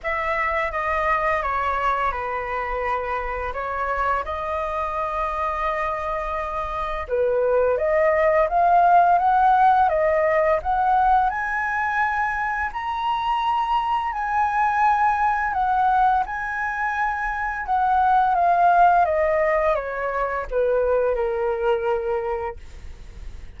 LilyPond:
\new Staff \with { instrumentName = "flute" } { \time 4/4 \tempo 4 = 85 e''4 dis''4 cis''4 b'4~ | b'4 cis''4 dis''2~ | dis''2 b'4 dis''4 | f''4 fis''4 dis''4 fis''4 |
gis''2 ais''2 | gis''2 fis''4 gis''4~ | gis''4 fis''4 f''4 dis''4 | cis''4 b'4 ais'2 | }